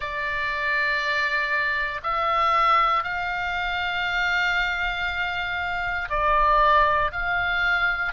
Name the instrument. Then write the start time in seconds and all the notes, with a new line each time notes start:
oboe
0.00 D5
2.03 E5
3.03 F5
6.09 D5
7.12 F5